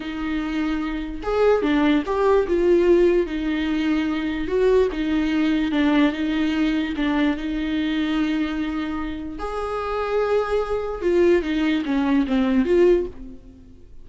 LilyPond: \new Staff \with { instrumentName = "viola" } { \time 4/4 \tempo 4 = 147 dis'2. gis'4 | d'4 g'4 f'2 | dis'2. fis'4 | dis'2 d'4 dis'4~ |
dis'4 d'4 dis'2~ | dis'2. gis'4~ | gis'2. f'4 | dis'4 cis'4 c'4 f'4 | }